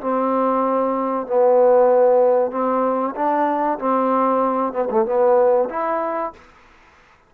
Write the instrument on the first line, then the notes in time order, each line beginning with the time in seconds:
trombone
0.00 C4
1.26 B3
2.51 C4
3.15 D4
3.78 C4
4.72 B3
4.90 A3
5.05 B3
5.69 E4